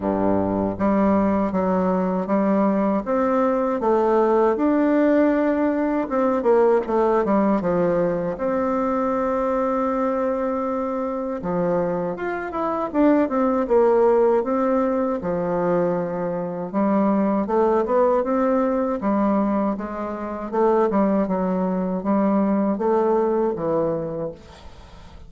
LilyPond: \new Staff \with { instrumentName = "bassoon" } { \time 4/4 \tempo 4 = 79 g,4 g4 fis4 g4 | c'4 a4 d'2 | c'8 ais8 a8 g8 f4 c'4~ | c'2. f4 |
f'8 e'8 d'8 c'8 ais4 c'4 | f2 g4 a8 b8 | c'4 g4 gis4 a8 g8 | fis4 g4 a4 e4 | }